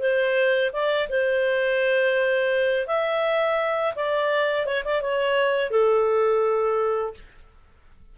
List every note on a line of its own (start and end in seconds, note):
0.00 0.71 C5
0.73 1.09 D5
1.09 2.87 C5
2.87 3.94 E5
3.96 4.66 D5
4.66 4.84 C#5
4.85 5.02 D5
5.02 5.71 C#5
5.71 7.14 A4